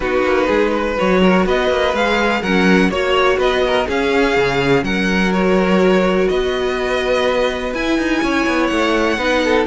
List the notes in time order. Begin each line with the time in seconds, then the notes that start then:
0.00 B3 D#4 F#4 B4
0.23 A#3
0.46 G#3 G#4
0.72 B4
0.97 F#3 F#4 C#5
1.22 A#4
1.45 B3 B4 D#5
1.69 A#3
1.93 G#3 G#4 F5
2.41 F#3 C#4 A#4 F#5
2.89 A#3 F#4 C#5
3.37 B3 B4 D#5
3.66 A#4
3.87 C#4 G#4 F5
4.36 C#3
4.82 F#3 A#4 F#5
5.32 F#4 C#5
6.28 B3 B4 D#5
7.73 E4 G#5
7.97 D#4
8.22 C#4 C#5
8.46 B3
8.67 A3 F#5
9.17 B3 D#4 B4
9.44 A4